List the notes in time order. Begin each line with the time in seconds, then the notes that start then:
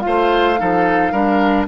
0.00 F4 F5
0.06 A3 C5
0.58 F3 D#4 A4
1.12 G3 D4 A#4